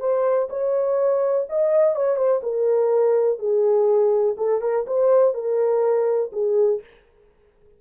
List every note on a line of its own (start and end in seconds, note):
0.00 0.49 C5
0.49 1.46 C#5
1.49 1.95 D#5
1.95 2.16 C#5
2.16 2.41 C5
2.43 3.39 A#4
3.39 4.35 G#4
4.37 4.61 A4
4.61 4.85 A#4
4.87 5.34 C5
5.34 6.31 A#4
6.32 6.81 G#4